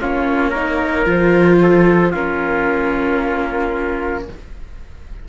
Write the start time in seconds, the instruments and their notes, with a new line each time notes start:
0.00 cello A#3, viola C#4, trumpet F4, flute C#5
0.50 viola D#4, trumpet A#4
1.05 cello F3, viola F4, flute C5
1.62 trumpet A4
2.11 cello A#3, viola C#4, trumpet F4, flute A#4